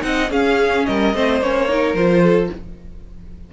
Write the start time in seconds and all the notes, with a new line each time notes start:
0.00 C4 D#4 D#5 F#5
0.30 C#4 G#4 F5
0.86 G3 A#4 D#5
1.14 A3 C4 C5
1.40 A#3 C#4 C#5
1.68 D#4 A#4
1.94 F3 F4 C5
2.22 A4